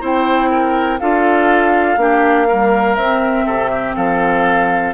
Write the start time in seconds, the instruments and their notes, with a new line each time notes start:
0.00 bassoon C4, clarinet E4, oboe C5, flute G5
0.50 oboe A#4
0.99 bassoon D4, clarinet F4, oboe A4, flute F5
1.97 bassoon A#3, clarinet D4, oboe G4
2.47 clarinet G3, oboe A#4
2.94 bassoon C4, clarinet C4, flute E5
3.45 bassoon C3, oboe A4
3.70 oboe G4
3.95 bassoon F3, oboe A4, flute F5